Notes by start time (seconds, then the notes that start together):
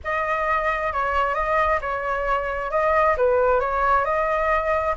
0.03 D#5
0.92 C#5
1.34 D#5
1.81 C#5
2.70 D#5
3.17 B4
3.59 C#5
4.04 D#5